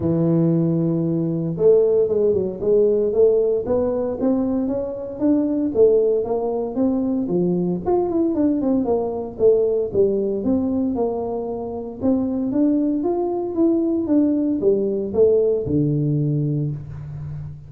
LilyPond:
\new Staff \with { instrumentName = "tuba" } { \time 4/4 \tempo 4 = 115 e2. a4 | gis8 fis8 gis4 a4 b4 | c'4 cis'4 d'4 a4 | ais4 c'4 f4 f'8 e'8 |
d'8 c'8 ais4 a4 g4 | c'4 ais2 c'4 | d'4 f'4 e'4 d'4 | g4 a4 d2 | }